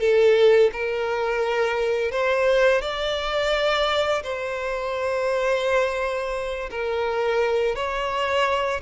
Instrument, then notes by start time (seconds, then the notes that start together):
violin
0.00 A4
0.73 A#4
2.11 C5
2.81 D5
4.23 C5
6.70 A#4
7.75 C#5